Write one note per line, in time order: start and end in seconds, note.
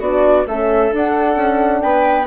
0.00 0.45 B3
0.00 0.47 D4
0.00 0.45 F#4
0.00 0.47 D5
0.46 0.92 A3
0.46 0.91 C#4
0.46 1.84 A4
0.46 0.94 E5
0.91 2.27 D4
0.91 1.36 D4
0.91 1.81 F#5
1.36 1.81 C#4
1.81 2.27 B3
1.81 2.27 B4
1.81 2.27 G5